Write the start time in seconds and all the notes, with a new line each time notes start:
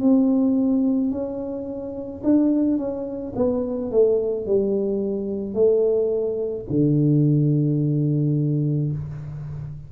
0.00 C4
1.11 C#4
2.24 D4
2.77 C#4
3.35 B3
3.91 A3
4.46 G3
5.54 A3
6.70 D3